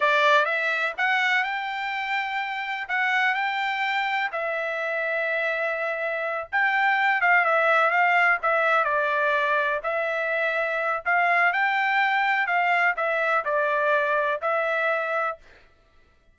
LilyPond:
\new Staff \with { instrumentName = "trumpet" } { \time 4/4 \tempo 4 = 125 d''4 e''4 fis''4 g''4~ | g''2 fis''4 g''4~ | g''4 e''2.~ | e''4. g''4. f''8 e''8~ |
e''8 f''4 e''4 d''4.~ | d''8 e''2~ e''8 f''4 | g''2 f''4 e''4 | d''2 e''2 | }